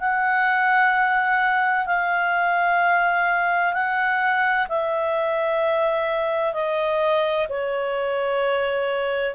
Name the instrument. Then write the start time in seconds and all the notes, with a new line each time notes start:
clarinet
0.00 F#5
1.86 F5
3.73 F#5
4.68 E5
6.53 D#5
7.49 C#5